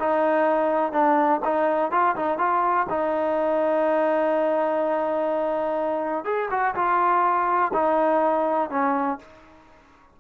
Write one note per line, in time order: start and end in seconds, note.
0.00 0.93 D#4
0.93 1.41 D4
1.45 1.92 D#4
1.92 2.16 F4
2.16 2.38 D#4
2.38 2.87 F4
2.90 6.25 D#4
6.25 6.49 G#4
6.51 6.75 F#4
6.75 7.72 F4
7.74 8.70 D#4
8.71 9.19 C#4